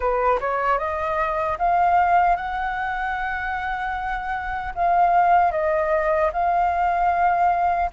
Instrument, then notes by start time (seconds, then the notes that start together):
flute
0.00 B4
0.40 C#5
0.78 D#5
1.58 F5
2.36 F#5
4.74 F5
5.51 D#5
6.32 F5